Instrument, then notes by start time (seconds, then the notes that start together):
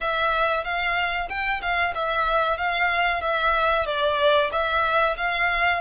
violin
0.00 E5
0.64 F5
1.29 G5
1.61 F5
1.94 E5
2.57 F5
3.21 E5
3.86 D5
4.52 E5
5.16 F5